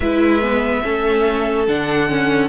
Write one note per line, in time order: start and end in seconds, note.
0.00 0.80 G#3
0.00 0.41 E4
0.00 0.82 B4
0.00 1.66 E5
0.41 0.83 B3
0.83 1.67 A3
0.83 1.67 C#4
0.83 2.48 A4
1.67 2.48 D3
1.67 2.08 D4
1.67 2.48 F#5
2.08 2.48 C#4